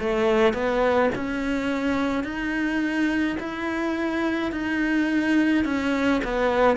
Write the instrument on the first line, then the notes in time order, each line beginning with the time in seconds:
cello
0.00 A3
0.54 B3
1.15 C#4
2.24 D#4
3.40 E4
4.52 D#4
5.65 C#4
6.25 B3